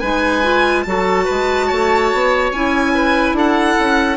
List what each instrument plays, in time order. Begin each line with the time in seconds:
0.00 bassoon G#3, clarinet D#4, oboe B4, violin G#5
0.43 clarinet F4
0.83 bassoon F#3, clarinet F#4, oboe A4, violin A5
1.24 bassoon G#3, oboe B4
1.66 bassoon A3, oboe C#5
2.12 bassoon B3
2.51 bassoon C#4, clarinet E4, violin G#5
2.94 oboe B4
3.32 bassoon D4, oboe A4, violin F#5
3.79 bassoon C#4